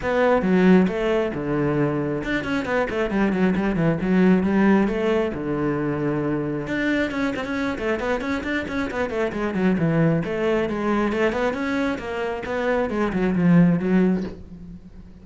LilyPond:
\new Staff \with { instrumentName = "cello" } { \time 4/4 \tempo 4 = 135 b4 fis4 a4 d4~ | d4 d'8 cis'8 b8 a8 g8 fis8 | g8 e8 fis4 g4 a4 | d2. d'4 |
cis'8 c'16 cis'8. a8 b8 cis'8 d'8 cis'8 | b8 a8 gis8 fis8 e4 a4 | gis4 a8 b8 cis'4 ais4 | b4 gis8 fis8 f4 fis4 | }